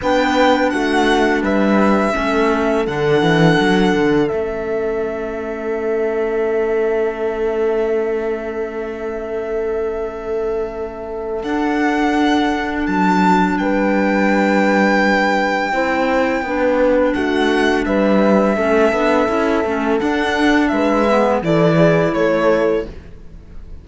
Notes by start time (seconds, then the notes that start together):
0.01 B3 D4 B4 G5
0.70 A3 F#4 F#5
1.42 G3 B4 E5
2.13 A3 C#4 A4
2.86 D3 D4 F#5
3.21 E3
3.60 F#3
3.94 D3
4.27 A3 C#4 E5
11.43 D4 F#5
12.86 F#3 A5
13.58 G3 B4 G5
15.72 C4 E4 C5
16.41 B3 D4 B4
17.13 A3 F#4 F#5
17.85 G3 B4 E5
18.56 A3 C#4 A4
18.92 B3 D4
19.27 C#4 E4
19.64 A3 C#4
19.99 D4 F#5
20.68 G#3 B4 E5
21.07 B3
21.42 E3 E4 A4 D5
21.76 G#4
22.13 A3 A4 C#5